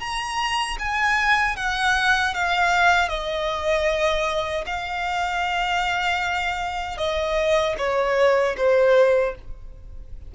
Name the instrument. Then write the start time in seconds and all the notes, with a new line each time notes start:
violin
0.00 A#5
0.79 G#5
1.56 F#5
2.34 F5
3.09 D#5
4.66 F5
6.98 D#5
7.78 C#5
8.57 C5